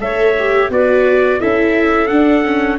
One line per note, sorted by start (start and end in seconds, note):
0.00 0.70 A3
0.00 0.35 A4
0.00 0.72 C#5
0.00 0.70 E5
0.39 0.71 G4
0.70 1.39 B3
0.70 1.40 F#4
0.70 1.40 B4
0.70 1.41 D5
1.40 2.09 C#4
1.40 2.09 E4
1.40 2.79 A4
1.40 2.07 E5
2.07 2.44 D4
2.07 2.79 D4
2.07 2.77 F#5
2.45 2.79 C#4